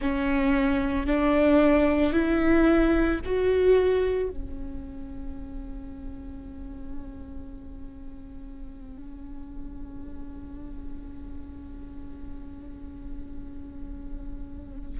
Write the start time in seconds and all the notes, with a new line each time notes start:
0.01 C#4
1.06 D4
2.12 E4
3.25 F#4
4.29 C#4